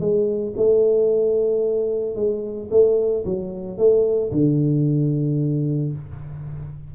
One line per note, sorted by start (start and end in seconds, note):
0.00 0.54 G#3
0.56 2.15 A3
2.15 2.69 G#3
2.70 3.24 A3
3.25 3.77 F#3
3.77 4.31 A3
4.31 5.92 D3